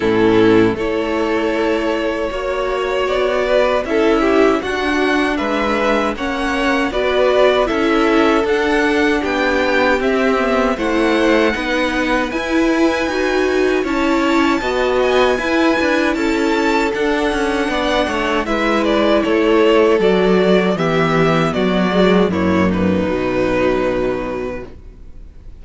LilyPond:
<<
  \new Staff \with { instrumentName = "violin" } { \time 4/4 \tempo 4 = 78 a'4 cis''2. | d''4 e''4 fis''4 e''4 | fis''4 d''4 e''4 fis''4 | g''4 e''4 fis''2 |
gis''2 a''4. gis''8~ | gis''4 a''4 fis''2 | e''8 d''8 cis''4 d''4 e''4 | d''4 cis''8 b'2~ b'8 | }
  \new Staff \with { instrumentName = "violin" } { \time 4/4 e'4 a'2 cis''4~ | cis''8 b'8 a'8 g'8 fis'4 b'4 | cis''4 b'4 a'2 | g'2 c''4 b'4~ |
b'2 cis''4 dis''4 | b'4 a'2 d''8 cis''8 | b'4 a'2 g'4 | fis'4 e'8 dis'2~ dis'8 | }
  \new Staff \with { instrumentName = "viola" } { \time 4/4 cis'4 e'2 fis'4~ | fis'4 e'4 d'2 | cis'4 fis'4 e'4 d'4~ | d'4 c'8 b8 e'4 dis'4 |
e'4 fis'4 e'4 fis'4 | e'2 d'2 | e'2 fis'4 b4~ | b8 gis8 ais4 fis2 | }
  \new Staff \with { instrumentName = "cello" } { \time 4/4 a,4 a2 ais4 | b4 cis'4 d'4 gis4 | ais4 b4 cis'4 d'4 | b4 c'4 a4 b4 |
e'4 dis'4 cis'4 b4 | e'8 d'8 cis'4 d'8 cis'8 b8 a8 | gis4 a4 fis4 e4 | fis4 fis,4 b,2 | }
>>